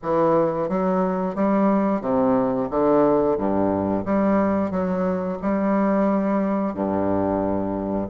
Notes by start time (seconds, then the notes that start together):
0.02 E3
0.68 F#3
1.35 G3
2.01 C3
2.70 D3
3.37 G2
4.04 G3
4.70 F#3
5.42 G3
6.74 G2